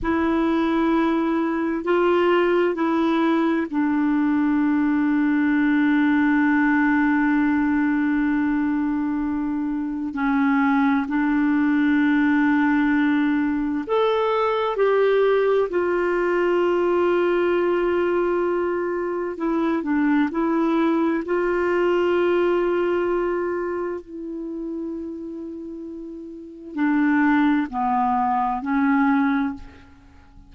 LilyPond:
\new Staff \with { instrumentName = "clarinet" } { \time 4/4 \tempo 4 = 65 e'2 f'4 e'4 | d'1~ | d'2. cis'4 | d'2. a'4 |
g'4 f'2.~ | f'4 e'8 d'8 e'4 f'4~ | f'2 e'2~ | e'4 d'4 b4 cis'4 | }